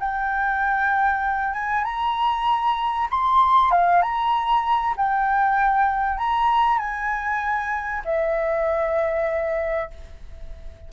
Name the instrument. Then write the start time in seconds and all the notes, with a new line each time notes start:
flute
0.00 G5
1.54 G#5
1.85 A#5
3.11 C6
3.72 F5
4.03 A#5
4.97 G5
6.19 A#5
6.79 G#5
8.06 E5